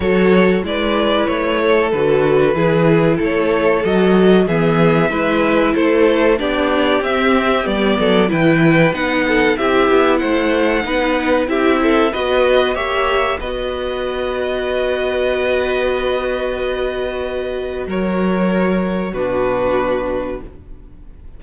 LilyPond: <<
  \new Staff \with { instrumentName = "violin" } { \time 4/4 \tempo 4 = 94 cis''4 d''4 cis''4 b'4~ | b'4 cis''4 dis''4 e''4~ | e''4 c''4 d''4 e''4 | d''4 g''4 fis''4 e''4 |
fis''2 e''4 dis''4 | e''4 dis''2.~ | dis''1 | cis''2 b'2 | }
  \new Staff \with { instrumentName = "violin" } { \time 4/4 a'4 b'4. a'4. | gis'4 a'2 gis'4 | b'4 a'4 g'2~ | g'8 a'8 b'4. a'8 g'4 |
c''4 b'4 g'8 a'8 b'4 | cis''4 b'2.~ | b'1 | ais'2 fis'2 | }
  \new Staff \with { instrumentName = "viola" } { \time 4/4 fis'4 e'2 fis'4 | e'2 fis'4 b4 | e'2 d'4 c'4 | b4 e'4 dis'4 e'4~ |
e'4 dis'4 e'4 fis'4 | g'4 fis'2.~ | fis'1~ | fis'2 d'2 | }
  \new Staff \with { instrumentName = "cello" } { \time 4/4 fis4 gis4 a4 d4 | e4 a4 fis4 e4 | gis4 a4 b4 c'4 | g8 fis8 e4 b4 c'8 b8 |
a4 b4 c'4 b4 | ais4 b2.~ | b1 | fis2 b,2 | }
>>